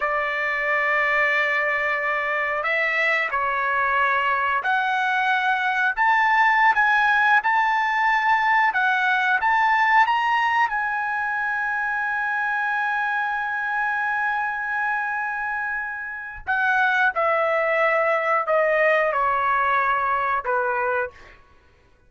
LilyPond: \new Staff \with { instrumentName = "trumpet" } { \time 4/4 \tempo 4 = 91 d''1 | e''4 cis''2 fis''4~ | fis''4 a''4~ a''16 gis''4 a''8.~ | a''4~ a''16 fis''4 a''4 ais''8.~ |
ais''16 gis''2.~ gis''8.~ | gis''1~ | gis''4 fis''4 e''2 | dis''4 cis''2 b'4 | }